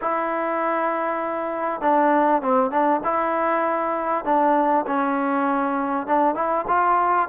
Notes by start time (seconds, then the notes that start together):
0.01 E4
1.81 D4
2.42 C4
2.70 D4
3.03 E4
4.24 D4
4.87 C#4
6.07 D4
6.35 E4
6.67 F4